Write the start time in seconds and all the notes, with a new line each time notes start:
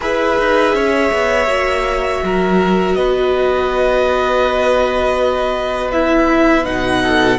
0.00 E4 G#4 B4 E5
0.38 D#4
0.73 C#4 C#5
1.12 B3
1.46 A#3 F#4
2.23 F#3 A#4
2.94 B3 B4 D#5
5.92 E4 E5
6.64 B2 D#4 F#5
7.02 A4